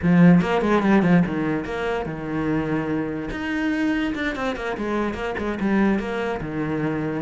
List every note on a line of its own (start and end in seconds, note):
0.02 0.41 F3
0.41 0.61 A#3
0.61 0.82 G#3
0.82 1.02 G3
1.02 1.23 F3
1.26 1.64 D#3
1.64 2.05 A#3
2.05 3.29 D#3
3.30 4.13 D#4
4.14 4.35 D4
4.35 4.56 C4
4.56 4.76 A#3
4.77 5.13 G#3
5.13 5.34 A#3
5.38 5.58 G#3
5.60 5.99 G3
5.99 6.40 A#3
6.40 7.22 D#3